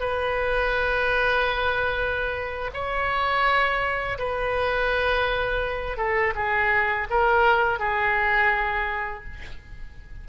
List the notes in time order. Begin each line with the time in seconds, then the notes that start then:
0.00 B4
2.73 C#5
4.19 B4
5.97 A4
6.35 G#4
7.10 A#4
7.79 G#4